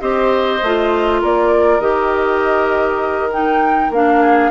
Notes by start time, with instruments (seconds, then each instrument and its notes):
0.00 bassoon C4, clarinet G4, oboe C5, flute D#5
0.63 bassoon A3, clarinet F4
1.21 bassoon A#3, oboe A#4, flute D5
1.79 bassoon D#3, clarinet G4, flute D#5
3.31 clarinet D#4, flute G5
3.90 bassoon A#3, clarinet D4, flute F5
4.21 oboe G#4